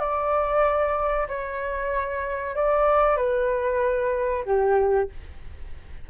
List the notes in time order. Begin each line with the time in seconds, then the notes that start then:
0.00 D5
1.29 C#5
2.56 D5
3.17 B4
4.45 G4